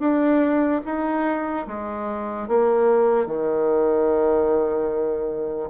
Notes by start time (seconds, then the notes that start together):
0.00 D4
0.86 D#4
1.67 G#3
2.48 A#3
3.27 D#3